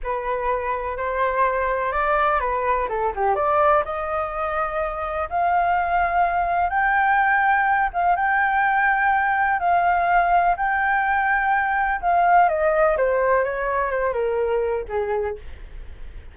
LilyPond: \new Staff \with { instrumentName = "flute" } { \time 4/4 \tempo 4 = 125 b'2 c''2 | d''4 b'4 a'8 g'8 d''4 | dis''2. f''4~ | f''2 g''2~ |
g''8 f''8 g''2. | f''2 g''2~ | g''4 f''4 dis''4 c''4 | cis''4 c''8 ais'4. gis'4 | }